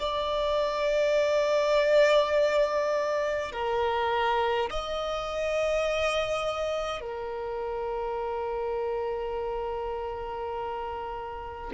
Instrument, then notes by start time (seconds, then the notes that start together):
violin
0.00 D5
3.52 A#4
4.71 D#5
7.02 A#4